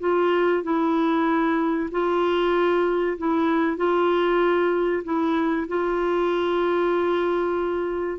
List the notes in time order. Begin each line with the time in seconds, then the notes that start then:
0.00 F4
0.63 E4
1.91 F4
3.18 E4
3.77 F4
5.04 E4
5.68 F4